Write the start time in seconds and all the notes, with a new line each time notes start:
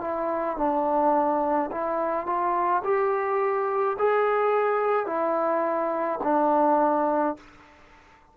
0.00 E4
0.57 D4
1.71 E4
2.26 F4
2.84 G4
3.98 G#4
5.06 E4
6.23 D4